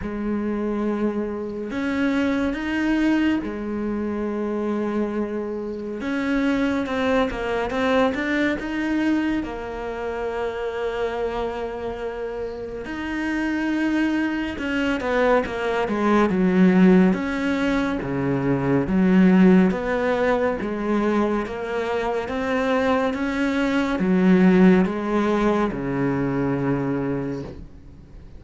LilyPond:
\new Staff \with { instrumentName = "cello" } { \time 4/4 \tempo 4 = 70 gis2 cis'4 dis'4 | gis2. cis'4 | c'8 ais8 c'8 d'8 dis'4 ais4~ | ais2. dis'4~ |
dis'4 cis'8 b8 ais8 gis8 fis4 | cis'4 cis4 fis4 b4 | gis4 ais4 c'4 cis'4 | fis4 gis4 cis2 | }